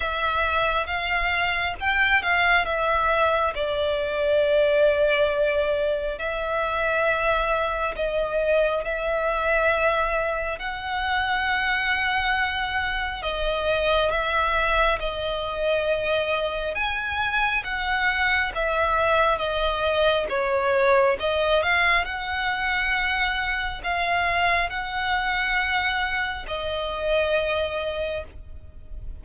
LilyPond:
\new Staff \with { instrumentName = "violin" } { \time 4/4 \tempo 4 = 68 e''4 f''4 g''8 f''8 e''4 | d''2. e''4~ | e''4 dis''4 e''2 | fis''2. dis''4 |
e''4 dis''2 gis''4 | fis''4 e''4 dis''4 cis''4 | dis''8 f''8 fis''2 f''4 | fis''2 dis''2 | }